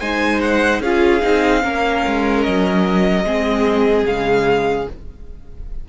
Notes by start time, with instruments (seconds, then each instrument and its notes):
0.00 cello G#3, viola D#4, violin C5 G#5
0.41 violin F#5
0.80 cello C#4, viola F4, violin G#4 F5
1.22 cello C4, viola D#4
1.62 cello A#3, viola C#4, violin A#4
2.06 cello G#3
2.43 cello F#3, violin D#5
3.24 cello G#3, viola C4, violin G#4
4.06 cello C#3, viola G#3, violin F5